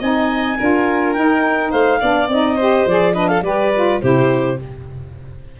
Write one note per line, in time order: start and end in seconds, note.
0.00 0.58 C4
0.00 0.58 D#4
0.00 0.57 D#5
0.00 1.14 G#5
0.58 1.16 D4
0.58 1.15 F4
0.58 1.71 A#4
1.14 2.01 D#4
1.14 1.73 D#4
1.14 1.71 G5
1.71 2.01 A3
1.71 1.99 C5
1.71 2.28 F5
2.01 2.28 B3
2.01 2.30 D4
2.01 2.55 D5
2.28 2.85 C4
2.28 2.60 D#4
2.28 2.88 D#5
2.55 2.88 G4
2.55 3.13 C5
2.87 3.42 F3
2.87 3.14 G#4
2.87 3.14 D5
3.14 3.42 D4
3.14 3.29 B4
3.14 3.28 D#5
3.28 3.44 A4
3.28 3.43 F5
3.42 3.99 G3
3.42 3.74 G4
3.42 4.02 B4
3.42 4.00 D5
3.74 4.02 F4
4.02 4.60 C3
4.02 4.60 E4
4.02 4.59 G4
4.02 4.59 C5